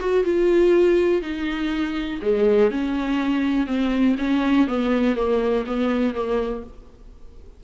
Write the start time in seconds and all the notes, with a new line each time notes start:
0.00 F#4
0.24 F4
1.22 D#4
2.22 G#3
2.71 C#4
3.67 C4
4.19 C#4
4.68 B3
5.16 A#3
5.67 B3
6.15 A#3